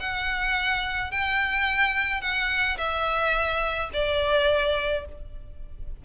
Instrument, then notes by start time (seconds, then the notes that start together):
violin
0.00 F#5
1.12 G5
2.21 F#5
2.78 E5
3.94 D5